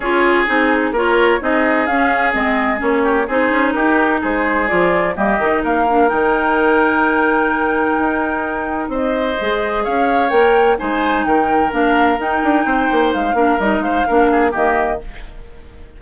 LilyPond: <<
  \new Staff \with { instrumentName = "flute" } { \time 4/4 \tempo 4 = 128 cis''4 gis'4 cis''4 dis''4 | f''4 dis''4 cis''4 c''4 | ais'4 c''4 d''4 dis''4 | f''4 g''2.~ |
g''2. dis''4~ | dis''4 f''4 g''4 gis''4 | g''4 f''4 g''2 | f''4 dis''8 f''4. dis''4 | }
  \new Staff \with { instrumentName = "oboe" } { \time 4/4 gis'2 ais'4 gis'4~ | gis'2~ gis'8 g'8 gis'4 | g'4 gis'2 g'4 | ais'1~ |
ais'2. c''4~ | c''4 cis''2 c''4 | ais'2. c''4~ | c''8 ais'4 c''8 ais'8 gis'8 g'4 | }
  \new Staff \with { instrumentName = "clarinet" } { \time 4/4 f'4 dis'4 f'4 dis'4 | cis'4 c'4 cis'4 dis'4~ | dis'2 f'4 ais8 dis'8~ | dis'8 d'8 dis'2.~ |
dis'1 | gis'2 ais'4 dis'4~ | dis'4 d'4 dis'2~ | dis'8 d'8 dis'4 d'4 ais4 | }
  \new Staff \with { instrumentName = "bassoon" } { \time 4/4 cis'4 c'4 ais4 c'4 | cis'4 gis4 ais4 c'8 cis'8 | dis'4 gis4 f4 g8 dis8 | ais4 dis2.~ |
dis4 dis'2 c'4 | gis4 cis'4 ais4 gis4 | dis4 ais4 dis'8 d'8 c'8 ais8 | gis8 ais8 g8 gis8 ais4 dis4 | }
>>